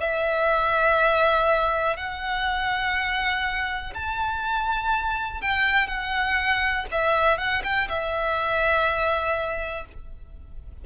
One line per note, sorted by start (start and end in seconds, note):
0.00 1.96 E5
1.96 3.93 F#5
3.94 5.41 A5
5.41 5.87 G5
5.87 6.85 F#5
6.91 7.37 E5
7.37 7.62 F#5
7.63 7.88 G5
7.88 9.85 E5